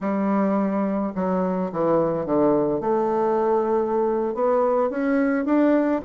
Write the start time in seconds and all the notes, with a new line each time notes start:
0.00 G3
1.15 F#3
1.72 E3
2.25 D3
2.80 A3
4.34 B3
4.89 C#4
5.45 D4